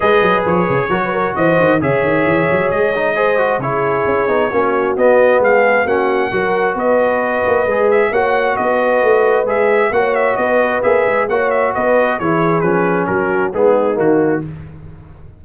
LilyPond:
<<
  \new Staff \with { instrumentName = "trumpet" } { \time 4/4 \tempo 4 = 133 dis''4 cis''2 dis''4 | e''2 dis''2 | cis''2. dis''4 | f''4 fis''2 dis''4~ |
dis''4. e''8 fis''4 dis''4~ | dis''4 e''4 fis''8 e''8 dis''4 | e''4 fis''8 e''8 dis''4 cis''4 | b'4 ais'4 gis'4 fis'4 | }
  \new Staff \with { instrumentName = "horn" } { \time 4/4 b'2 ais'16 b'16 ais'8 c''4 | cis''2. c''4 | gis'2 fis'2 | gis'4 fis'4 ais'4 b'4~ |
b'2 cis''4 b'4~ | b'2 cis''4 b'4~ | b'4 cis''4 b'4 gis'4~ | gis'4 fis'4 dis'2 | }
  \new Staff \with { instrumentName = "trombone" } { \time 4/4 gis'2 fis'2 | gis'2~ gis'8 dis'8 gis'8 fis'8 | e'4. dis'8 cis'4 b4~ | b4 cis'4 fis'2~ |
fis'4 gis'4 fis'2~ | fis'4 gis'4 fis'2 | gis'4 fis'2 e'4 | cis'2 b4 ais4 | }
  \new Staff \with { instrumentName = "tuba" } { \time 4/4 gis8 fis8 f8 cis8 fis4 e8 dis8 | cis8 dis8 e8 fis8 gis2 | cis4 cis'8 b8 ais4 b4 | gis4 ais4 fis4 b4~ |
b8 ais8 gis4 ais4 b4 | a4 gis4 ais4 b4 | ais8 gis8 ais4 b4 e4 | f4 fis4 gis4 dis4 | }
>>